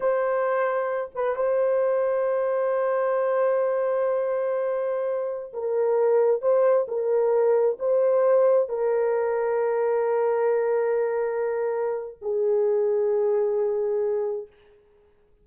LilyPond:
\new Staff \with { instrumentName = "horn" } { \time 4/4 \tempo 4 = 133 c''2~ c''8 b'8 c''4~ | c''1~ | c''1~ | c''16 ais'2 c''4 ais'8.~ |
ais'4~ ais'16 c''2 ais'8.~ | ais'1~ | ais'2. gis'4~ | gis'1 | }